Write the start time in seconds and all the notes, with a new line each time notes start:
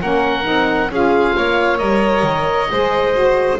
0.00 A#3 C#4 A#4 F#5
0.43 C4 D#4
0.89 C#4 F4 G#4 F5
1.36 A#3 C#5
1.76 G3 A#4 D#5
2.22 D#3
2.71 G#3 G#4 C5
3.12 F#4